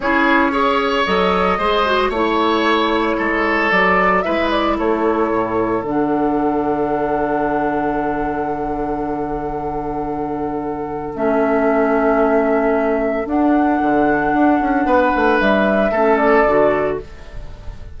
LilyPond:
<<
  \new Staff \with { instrumentName = "flute" } { \time 4/4 \tempo 4 = 113 cis''2 dis''2 | cis''2. d''4 | e''8 d''8 cis''2 fis''4~ | fis''1~ |
fis''1~ | fis''4 e''2.~ | e''4 fis''2.~ | fis''4 e''4. d''4. | }
  \new Staff \with { instrumentName = "oboe" } { \time 4/4 gis'4 cis''2 c''4 | cis''2 a'2 | b'4 a'2.~ | a'1~ |
a'1~ | a'1~ | a'1 | b'2 a'2 | }
  \new Staff \with { instrumentName = "clarinet" } { \time 4/4 e'4 gis'4 a'4 gis'8 fis'8 | e'2. fis'4 | e'2. d'4~ | d'1~ |
d'1~ | d'4 cis'2.~ | cis'4 d'2.~ | d'2 cis'4 fis'4 | }
  \new Staff \with { instrumentName = "bassoon" } { \time 4/4 cis'2 fis4 gis4 | a2 gis4 fis4 | gis4 a4 a,4 d4~ | d1~ |
d1~ | d4 a2.~ | a4 d'4 d4 d'8 cis'8 | b8 a8 g4 a4 d4 | }
>>